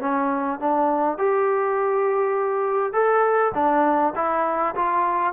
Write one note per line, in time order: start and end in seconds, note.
0.00 0.59 C#4
0.59 1.18 D4
1.18 2.93 G4
2.93 3.52 A4
3.54 4.13 D4
4.15 4.75 E4
4.75 5.33 F4